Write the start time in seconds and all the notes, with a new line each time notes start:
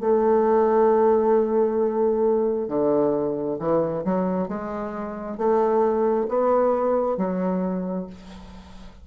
0.00 A3
2.68 D3
3.59 E3
4.05 F#3
4.48 G#3
5.37 A3
6.28 B3
7.17 F#3